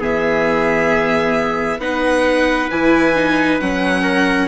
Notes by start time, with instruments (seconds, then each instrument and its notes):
0.00 bassoon E3, viola B3, trumpet G#4, violin E5
1.78 bassoon B3, viola D#4, trumpet B4, violin F#5
2.70 bassoon E3, viola E4, violin G#5
3.15 viola D#4
3.60 bassoon F#3, viola C#4, violin F#5
4.02 trumpet A#4